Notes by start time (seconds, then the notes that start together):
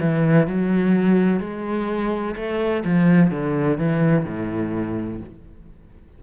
0.00 E3
0.47 F#3
1.39 G#3
2.36 A3
2.84 F3
3.31 D3
3.78 E3
4.25 A2